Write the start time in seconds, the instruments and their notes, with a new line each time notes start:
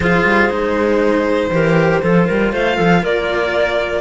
0.00 cello F3 F4, clarinet G#4, violin C5
0.24 cello G3
0.48 cello G#3 D#4
1.50 cello E3 G4, clarinet A#4
2.02 cello F3 F4, clarinet A4
2.26 cello G3, clarinet A#4
2.52 cello A3, clarinet C5, violin F5
2.76 cello F3, clarinet A4
3.02 cello A#3, clarinet A#4, violin D5